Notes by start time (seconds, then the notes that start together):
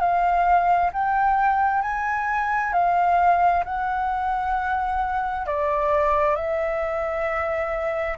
0.00 F5
0.93 G5
1.82 G#5
2.73 F5
3.65 F#5
5.47 D5
6.36 E5